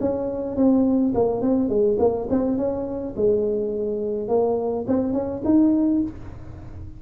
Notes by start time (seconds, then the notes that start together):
0.00 C#4
0.56 C4
1.14 A#3
1.41 C4
1.69 G#3
1.99 A#3
2.29 C4
2.57 C#4
3.16 G#3
4.28 A#3
4.87 C4
5.13 C#4
5.44 D#4